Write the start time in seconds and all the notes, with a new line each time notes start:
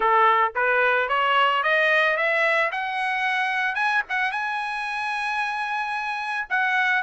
0.00 A4
0.55 B4
1.09 C#5
1.63 D#5
2.16 E5
2.71 F#5
3.75 G#5
4.09 F#5
4.31 G#5
6.49 F#5